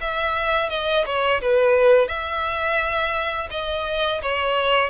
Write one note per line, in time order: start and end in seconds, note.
0.00 0.69 E5
0.69 1.05 D#5
1.06 1.41 C#5
1.41 2.08 B4
2.08 3.49 E5
3.50 4.21 D#5
4.22 4.89 C#5